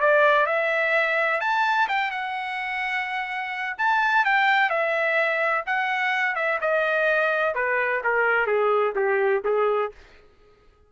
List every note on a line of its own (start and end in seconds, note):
0.00 0.46 D5
0.46 1.40 E5
1.40 1.88 A5
1.88 2.11 G5
2.11 3.76 F#5
3.78 4.25 A5
4.25 4.69 G5
4.69 5.64 E5
5.66 6.35 F#5
6.35 6.59 E5
6.61 7.54 D#5
7.54 8.02 B4
8.03 8.46 A#4
8.46 8.93 G#4
8.95 9.42 G4
9.44 9.91 G#4